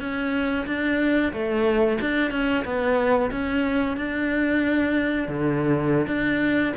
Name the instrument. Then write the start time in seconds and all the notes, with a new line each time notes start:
cello
0.00 C#4
0.67 D4
1.33 A3
2.01 D4
2.31 C#4
2.65 B3
3.31 C#4
3.97 D4
5.28 D3
6.07 D4